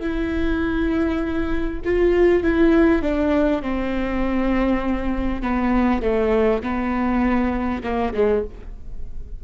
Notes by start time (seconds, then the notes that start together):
0.00 E4
1.85 F4
2.43 E4
3.02 D4
3.62 C4
5.42 B3
6.02 A3
6.62 B3
7.83 A#3
8.14 G#3